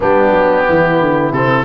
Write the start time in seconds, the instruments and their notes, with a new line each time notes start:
0.00 tuba G3, trombone B3, saxophone D4, oboe G4
0.31 tuba F#3
0.66 tuba E3, saxophone E4
1.01 tuba D3
1.31 tuba C3, trombone C4, oboe A4